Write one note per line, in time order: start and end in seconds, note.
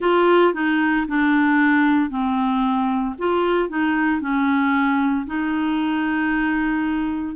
0.00 0.53 F4
0.53 1.06 D#4
1.08 2.10 D4
2.10 3.15 C4
3.18 3.69 F4
3.69 4.21 D#4
4.21 5.26 C#4
5.26 7.35 D#4